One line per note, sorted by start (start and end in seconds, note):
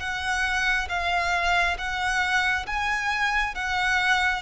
0.00 0.88 F#5
0.89 1.77 F5
1.78 2.66 F#5
2.67 3.55 G#5
3.55 4.42 F#5